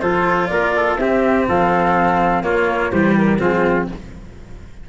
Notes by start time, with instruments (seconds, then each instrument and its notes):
0.00 tuba F3, cello F4, trumpet A4, flute C5
0.47 tuba A#3, trumpet A#4, flute D5
0.76 trumpet A4
0.97 tuba C4, cello C4, trumpet G4, flute E5
1.48 tuba F3, trumpet A4, flute F5
2.43 tuba A#3, cello A#3, trumpet F4, flute C#5
2.91 tuba E3, cello G3, trumpet G4, flute C5
3.17 flute A#4
3.39 tuba F3, cello C4, trumpet F4, flute G#4